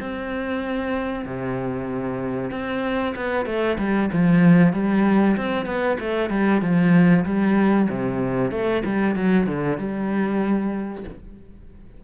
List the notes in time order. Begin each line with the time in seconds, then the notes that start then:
0.00 C4
1.25 C3
2.51 C4
3.15 B3
3.45 A3
3.78 G3
4.12 F3
4.73 G3
5.36 C4
5.66 B3
5.99 A3
6.29 G3
6.61 F3
7.25 G3
7.89 C3
8.51 A3
8.85 G3
9.15 F#3
9.46 D3
9.78 G3